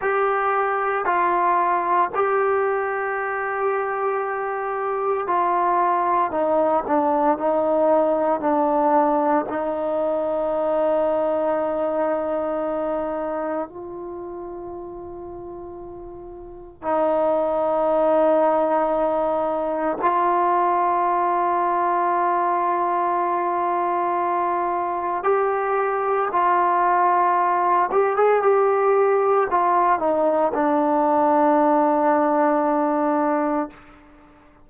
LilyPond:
\new Staff \with { instrumentName = "trombone" } { \time 4/4 \tempo 4 = 57 g'4 f'4 g'2~ | g'4 f'4 dis'8 d'8 dis'4 | d'4 dis'2.~ | dis'4 f'2. |
dis'2. f'4~ | f'1 | g'4 f'4. g'16 gis'16 g'4 | f'8 dis'8 d'2. | }